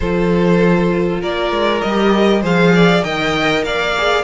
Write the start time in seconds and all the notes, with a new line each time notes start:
0.00 F3 F4 A4 C5
1.21 A#3 A#4 D5
1.51 G#3
1.81 G3 G4 D#5
2.41 F3 G#4 C5 F5
2.75 D5
3.03 D#3 A#4 D#5 G5
3.63 A#3 D5 F5
3.97 G#4